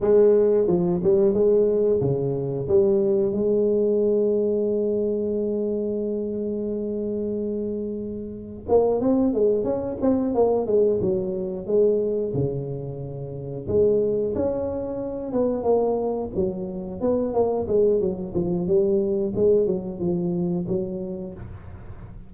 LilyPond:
\new Staff \with { instrumentName = "tuba" } { \time 4/4 \tempo 4 = 90 gis4 f8 g8 gis4 cis4 | g4 gis2.~ | gis1~ | gis4 ais8 c'8 gis8 cis'8 c'8 ais8 |
gis8 fis4 gis4 cis4.~ | cis8 gis4 cis'4. b8 ais8~ | ais8 fis4 b8 ais8 gis8 fis8 f8 | g4 gis8 fis8 f4 fis4 | }